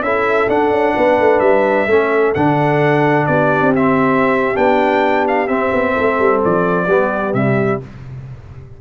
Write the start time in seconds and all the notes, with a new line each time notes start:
0.00 C#4 E4 A4 E5
0.47 D4 F#5
0.70 C#4
0.95 B3 B4
1.19 A3
1.39 G3 E5
1.86 A3 C#4 A4
2.34 D3 D4 F#5
3.26 B3 G4 D5
3.61 C4
3.75 C4 E5
4.55 B3 D4 G5
5.28 F5
5.47 C4 E5
5.72 B3
5.93 A3 A4
6.19 G3
6.45 F3 D5
6.87 G3 B3 G4
7.33 C3 G3 E5